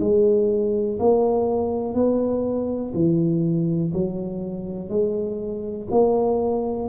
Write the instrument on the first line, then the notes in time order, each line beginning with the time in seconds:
tuba
0.00 G#3
0.99 A#3
1.94 B3
2.94 E3
3.93 F#3
4.89 G#3
5.91 A#3